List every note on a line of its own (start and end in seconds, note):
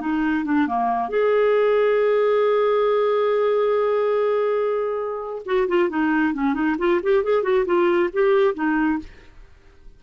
0.00 0.44 D#4
0.44 0.67 D4
0.67 1.08 A#3
1.08 5.42 G#4
5.45 5.67 F#4
5.68 5.89 F4
5.89 6.33 D#4
6.33 6.54 C#4
6.54 6.76 D#4
6.78 7.00 F4
7.02 7.23 G4
7.23 7.42 G#4
7.42 7.65 F#4
7.65 8.10 F4
8.12 8.54 G4
8.54 8.98 D#4